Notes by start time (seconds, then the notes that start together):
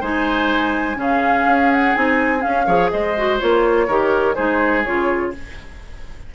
0.00 G#3 D#4 C5 G#5
0.95 C#3 C#4 G#4
1.01 F5
1.46 C#4
1.72 F#5
1.95 C4 D#4 G#5
2.39 C#4 F5
2.46 C#4
2.66 F3 G#4 C#5
2.90 G#3 C5 D#5
3.17 F#4
3.39 A#3 F4 C#5
3.87 D#3 G4 A#4
4.35 G#3 D#4 G#4 C5
4.84 C#3 F4 C#5